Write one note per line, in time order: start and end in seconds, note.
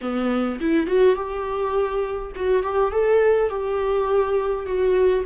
0.01 0.59 B3
0.60 0.86 E4
0.86 1.15 F#4
1.15 2.31 G4
2.35 2.62 F#4
2.62 2.91 G4
2.91 3.49 A4
3.49 4.65 G4
4.65 5.24 F#4